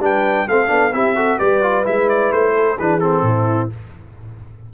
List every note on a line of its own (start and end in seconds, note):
0.00 0.46 G3
0.00 0.48 D4
0.00 0.48 B4
0.00 0.49 G5
0.48 0.70 A3
0.48 0.67 C4
0.48 0.94 A4
0.48 0.94 F5
0.67 0.93 B3
0.67 0.90 D4
0.93 1.39 C4
0.93 1.16 E4
0.93 1.16 G4
0.93 1.39 E5
1.16 1.39 F#4
1.16 1.39 A4
1.39 1.87 G3
1.39 1.62 G4
1.39 2.54 B4
1.39 1.85 D5
1.62 1.85 F4
1.85 2.32 G#3
1.85 2.78 E4
1.85 2.10 E5
2.10 2.33 D5
2.32 2.79 A3
2.32 2.79 C5
2.55 2.78 A4
2.79 3.23 E3
2.79 3.02 D4
2.79 3.26 G#4
2.79 3.00 B4
3.00 3.71 C4
3.00 3.69 A4
3.23 3.69 A2
3.23 3.74 E4